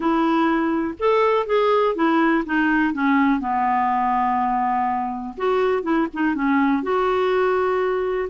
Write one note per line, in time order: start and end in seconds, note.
0.00 0.94 E4
0.99 1.46 A4
1.46 1.95 G#4
1.95 2.44 E4
2.45 2.93 D#4
2.93 3.39 C#4
3.39 5.35 B3
5.37 5.82 F#4
5.82 6.07 E4
6.13 6.34 D#4
6.34 6.82 C#4
6.82 8.29 F#4